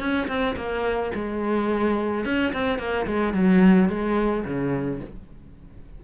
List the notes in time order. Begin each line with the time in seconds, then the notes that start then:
0.00 C#4
0.28 C4
0.57 A#3
1.15 G#3
2.25 C#4
2.54 C4
2.79 A#3
3.07 G#3
3.34 F#3
3.89 G#3
4.45 C#3